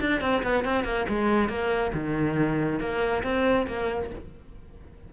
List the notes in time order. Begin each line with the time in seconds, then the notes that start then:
0.00 D4
0.20 C4
0.43 B3
0.64 C4
0.84 A#3
1.08 G#3
1.48 A#3
1.93 D#3
2.80 A#3
3.23 C4
3.67 A#3